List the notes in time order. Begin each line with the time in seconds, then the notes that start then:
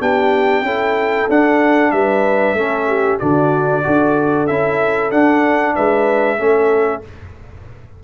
0.00 B3 D4 G4 G5
0.62 C#4 E4 A4
1.29 D4 F#5
1.91 G3 B4 E5
2.53 A3 C#4 A4
2.88 G4
3.19 D3 D4 F#4 D5
3.83 D4 F#4 A4
4.47 C#4 E4 E5
5.11 D4 F#5
5.75 G#3 B4 E5
6.38 A3 C#4 A4